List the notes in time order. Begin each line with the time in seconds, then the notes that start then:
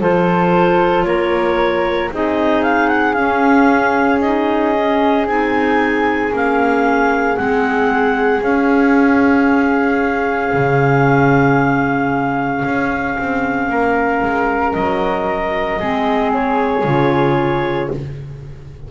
0.00 F3 F4 A4 C5
1.04 A#3 A#4 C#5
2.12 C4 D#4 G#4 D#5
2.63 F5
2.88 F#5
3.14 C#4 F5
4.21 D#4 D#5
4.76 C#4
5.27 C4 D#4 G#5
6.31 A#3 C#4 F5
7.36 G#3 C4 F#5
8.42 C#4 F5
10.53 C#3
12.65 C#4
13.19 C4
13.69 A#3 A#4
14.22 G#3
14.73 F#3 D#5
15.80 G#3 C4 G#4
16.34 C#5
16.84 C#3 F4